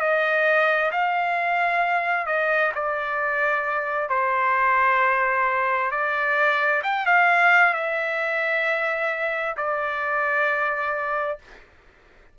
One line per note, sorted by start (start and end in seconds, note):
0.00 0.91 D#5
0.91 2.26 F5
2.26 2.71 D#5
2.74 4.09 D5
4.09 5.91 C5
5.91 6.82 D5
6.83 7.05 G5
7.05 7.74 F5
7.74 9.55 E5
9.56 11.38 D5